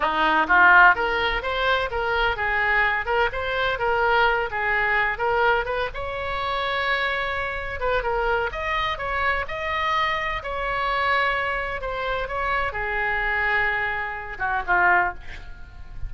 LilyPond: \new Staff \with { instrumentName = "oboe" } { \time 4/4 \tempo 4 = 127 dis'4 f'4 ais'4 c''4 | ais'4 gis'4. ais'8 c''4 | ais'4. gis'4. ais'4 | b'8 cis''2.~ cis''8~ |
cis''8 b'8 ais'4 dis''4 cis''4 | dis''2 cis''2~ | cis''4 c''4 cis''4 gis'4~ | gis'2~ gis'8 fis'8 f'4 | }